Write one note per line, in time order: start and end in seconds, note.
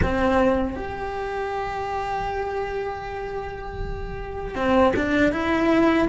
0.02 0.76 C4
0.76 4.55 G4
4.55 4.93 C4
4.95 5.32 D4
5.32 6.08 E4